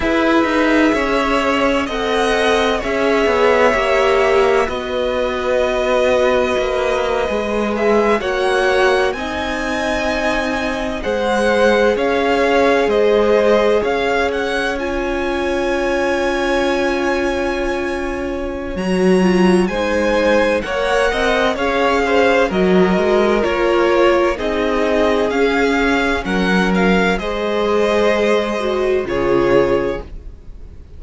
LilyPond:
<<
  \new Staff \with { instrumentName = "violin" } { \time 4/4 \tempo 4 = 64 e''2 fis''4 e''4~ | e''4 dis''2.~ | dis''16 e''8 fis''4 gis''2 fis''16~ | fis''8. f''4 dis''4 f''8 fis''8 gis''16~ |
gis''1 | ais''4 gis''4 fis''4 f''4 | dis''4 cis''4 dis''4 f''4 | fis''8 f''8 dis''2 cis''4 | }
  \new Staff \with { instrumentName = "violin" } { \time 4/4 b'4 cis''4 dis''4 cis''4~ | cis''4 b'2.~ | b'8. cis''4 dis''2 c''16~ | c''8. cis''4 c''4 cis''4~ cis''16~ |
cis''1~ | cis''4 c''4 cis''8 dis''8 cis''8 c''8 | ais'2 gis'2 | ais'4 c''2 gis'4 | }
  \new Staff \with { instrumentName = "viola" } { \time 4/4 gis'2 a'4 gis'4 | g'4 fis'2~ fis'8. gis'16~ | gis'8. fis'4 dis'2 gis'16~ | gis'2.~ gis'8. f'16~ |
f'1 | fis'8 f'8 dis'4 ais'4 gis'4 | fis'4 f'4 dis'4 cis'4~ | cis'4 gis'4. fis'8 f'4 | }
  \new Staff \with { instrumentName = "cello" } { \time 4/4 e'8 dis'8 cis'4 c'4 cis'8 b8 | ais4 b2 ais8. gis16~ | gis8. ais4 c'2 gis16~ | gis8. cis'4 gis4 cis'4~ cis'16~ |
cis'1 | fis4 gis4 ais8 c'8 cis'4 | fis8 gis8 ais4 c'4 cis'4 | fis4 gis2 cis4 | }
>>